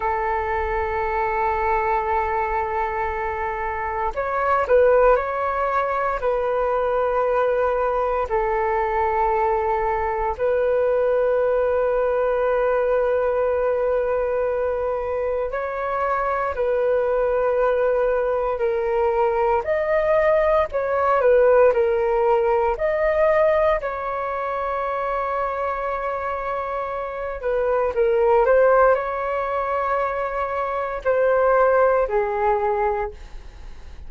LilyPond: \new Staff \with { instrumentName = "flute" } { \time 4/4 \tempo 4 = 58 a'1 | cis''8 b'8 cis''4 b'2 | a'2 b'2~ | b'2. cis''4 |
b'2 ais'4 dis''4 | cis''8 b'8 ais'4 dis''4 cis''4~ | cis''2~ cis''8 b'8 ais'8 c''8 | cis''2 c''4 gis'4 | }